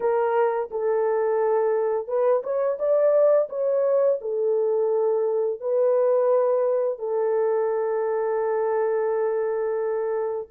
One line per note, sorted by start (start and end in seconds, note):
0.00 0.69 A#4
0.70 2.07 A4
2.07 2.42 B4
2.43 2.78 C#5
2.78 3.48 D5
3.49 4.19 C#5
4.21 5.60 A4
5.60 6.98 B4
6.98 10.47 A4